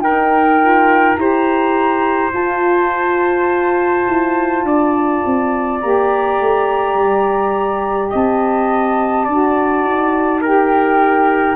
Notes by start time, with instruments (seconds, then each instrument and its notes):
0.00 tuba D#4, saxophone D#4, trumpet A#4, flute G5
0.60 saxophone F4
1.15 tuba E4, saxophone G4, trumpet C5, flute A#5
2.33 tuba F4, saxophone F4, flute A5
4.08 tuba E4
4.63 tuba D4, trumpet D5
5.25 tuba C4
5.80 tuba A#3, saxophone G4, flute A#5
6.40 tuba A3
6.95 tuba G3
8.10 tuba C4, trumpet D#5, flute A5
9.24 tuba D4, saxophone F#4, trumpet D5
9.84 tuba D#4
10.41 saxophone G4, trumpet A#4, flute G5